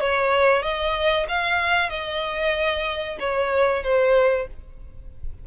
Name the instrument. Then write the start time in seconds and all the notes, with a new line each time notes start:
violin
0.00 C#5
0.62 D#5
1.28 F5
1.89 D#5
3.19 C#5
3.83 C5